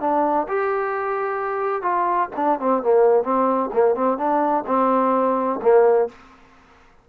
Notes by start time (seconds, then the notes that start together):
0.00 D4
0.48 G4
1.82 F4
2.36 D4
2.59 C4
2.82 A#3
3.23 C4
3.73 A#3
3.95 C4
4.18 D4
4.66 C4
5.62 A#3